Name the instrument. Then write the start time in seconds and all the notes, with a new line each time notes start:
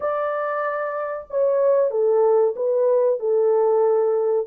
horn
0.00 D5
1.30 C#5
1.90 A4
2.56 B4
3.19 A4